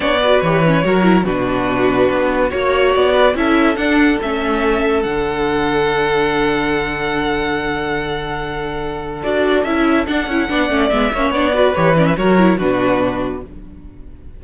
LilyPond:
<<
  \new Staff \with { instrumentName = "violin" } { \time 4/4 \tempo 4 = 143 d''4 cis''2 b'4~ | b'2 cis''4 d''4 | e''4 fis''4 e''2 | fis''1~ |
fis''1~ | fis''2 d''4 e''4 | fis''2 e''4 d''4 | cis''8 d''16 e''16 cis''4 b'2 | }
  \new Staff \with { instrumentName = "violin" } { \time 4/4 cis''8 b'4. ais'4 fis'4~ | fis'2 cis''4. b'8 | a'1~ | a'1~ |
a'1~ | a'1~ | a'4 d''4. cis''4 b'8~ | b'4 ais'4 fis'2 | }
  \new Staff \with { instrumentName = "viola" } { \time 4/4 d'8 fis'8 g'8 cis'8 fis'8 e'8 d'4~ | d'2 fis'2 | e'4 d'4 cis'2 | d'1~ |
d'1~ | d'2 fis'4 e'4 | d'8 e'8 d'8 cis'8 b8 cis'8 d'8 fis'8 | g'8 cis'8 fis'8 e'8 d'2 | }
  \new Staff \with { instrumentName = "cello" } { \time 4/4 b4 e4 fis4 b,4~ | b,4 b4 ais4 b4 | cis'4 d'4 a2 | d1~ |
d1~ | d2 d'4 cis'4 | d'8 cis'8 b8 a8 gis8 ais8 b4 | e4 fis4 b,2 | }
>>